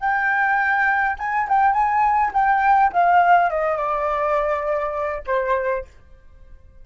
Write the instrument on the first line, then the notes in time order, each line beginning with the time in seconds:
flute
0.00 G5
1.19 G#5
1.48 G5
1.73 G#5
2.33 G5
2.92 F5
3.50 D#5
3.77 D5
5.27 C5